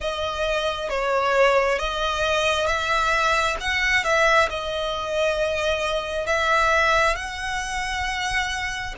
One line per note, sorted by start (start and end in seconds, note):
0.00 0.90 D#5
0.90 1.78 C#5
1.78 2.66 D#5
2.66 3.56 E5
3.60 4.04 F#5
4.04 4.49 E5
4.49 6.26 D#5
6.26 7.15 E5
7.15 8.94 F#5